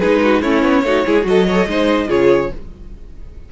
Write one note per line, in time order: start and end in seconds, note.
0.00 0.43 G#3
0.00 0.44 D#4
0.00 0.21 G#4
0.00 0.42 B4
0.23 0.42 F#4
0.42 0.63 A3
0.42 0.85 C#4
0.42 0.84 E4
0.42 1.25 C#5
0.63 0.84 B3
0.84 1.05 A3
0.84 1.06 D#4
0.84 1.06 F#4
1.06 1.25 G#3
1.06 1.23 E4
1.06 1.27 G#4
1.23 1.67 F#3
1.23 1.44 F#4
1.23 2.11 D#5
1.29 1.47 A4
1.47 1.69 A4
1.47 1.68 C#5
1.67 2.09 G#3
1.67 2.08 D#4
1.67 2.08 C5
2.08 2.52 C#3
2.08 2.50 F4
2.08 2.50 G#4
2.08 2.52 C#5